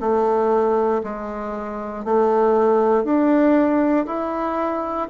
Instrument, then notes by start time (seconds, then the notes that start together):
bassoon
0.00 A3
1.03 G#3
2.05 A3
3.04 D4
4.06 E4